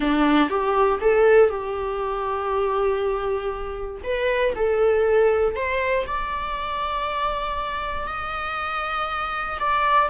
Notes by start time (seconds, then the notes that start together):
0.00 D4
0.49 G4
1.00 A4
1.49 G4
4.03 B4
4.55 A4
5.55 C5
6.06 D5
8.07 D#5
9.59 D5